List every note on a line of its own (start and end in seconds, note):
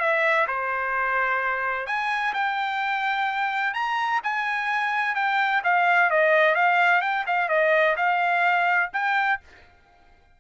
0.00 0.47 E5
0.48 1.87 C5
1.87 2.34 G#5
2.34 3.74 G5
3.74 4.21 A#5
4.24 5.15 G#5
5.15 5.62 G5
5.64 6.11 F5
6.11 6.55 D#5
6.55 7.02 F5
7.02 7.25 G5
7.27 7.49 F5
7.49 7.96 D#5
7.97 8.91 F5
8.93 9.40 G5